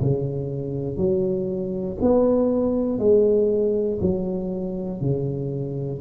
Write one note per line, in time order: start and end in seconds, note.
0.00 0.97 C#3
0.97 1.97 F#3
2.00 2.99 B3
2.99 3.99 G#3
4.00 5.00 F#3
5.00 6.00 C#3